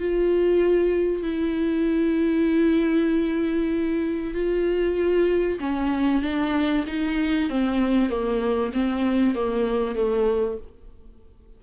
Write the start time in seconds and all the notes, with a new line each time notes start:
0.00 F4
1.23 E4
4.34 F4
5.60 C#4
6.22 D4
6.88 D#4
7.50 C4
8.10 A#3
8.74 C4
9.35 A#3
9.95 A3